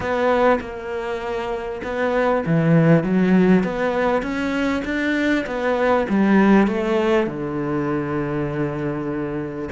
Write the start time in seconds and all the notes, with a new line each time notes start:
0.00 B3
0.60 A#3
1.83 B3
2.45 E3
3.03 F#3
3.63 B3
4.22 C#4
4.84 D4
5.46 B3
6.09 G3
6.67 A3
7.26 D3